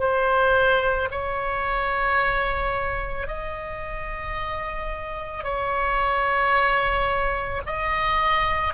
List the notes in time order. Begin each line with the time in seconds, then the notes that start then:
0.00 C5
1.12 C#5
3.28 D#5
5.44 C#5
7.67 D#5